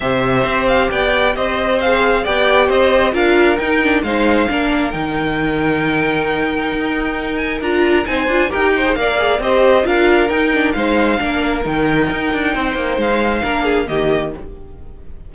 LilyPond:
<<
  \new Staff \with { instrumentName = "violin" } { \time 4/4 \tempo 4 = 134 e''4. f''8 g''4 dis''4 | f''4 g''4 dis''4 f''4 | g''4 f''2 g''4~ | g''1~ |
g''8 gis''8 ais''4 gis''4 g''4 | f''4 dis''4 f''4 g''4 | f''2 g''2~ | g''4 f''2 dis''4 | }
  \new Staff \with { instrumentName = "violin" } { \time 4/4 c''2 d''4 c''4~ | c''4 d''4 c''4 ais'4~ | ais'4 c''4 ais'2~ | ais'1~ |
ais'2 c''4 ais'8 c''8 | d''4 c''4 ais'2 | c''4 ais'2. | c''2 ais'8 gis'8 g'4 | }
  \new Staff \with { instrumentName = "viola" } { \time 4/4 g'1 | gis'4 g'2 f'4 | dis'8 d'8 dis'4 d'4 dis'4~ | dis'1~ |
dis'4 f'4 dis'8 f'8 g'8. gis'16 | ais'8 gis'8 g'4 f'4 dis'8 d'8 | dis'4 d'4 dis'2~ | dis'2 d'4 ais4 | }
  \new Staff \with { instrumentName = "cello" } { \time 4/4 c4 c'4 b4 c'4~ | c'4 b4 c'4 d'4 | dis'4 gis4 ais4 dis4~ | dis2. dis'4~ |
dis'4 d'4 c'8 d'8 dis'4 | ais4 c'4 d'4 dis'4 | gis4 ais4 dis4 dis'8 d'8 | c'8 ais8 gis4 ais4 dis4 | }
>>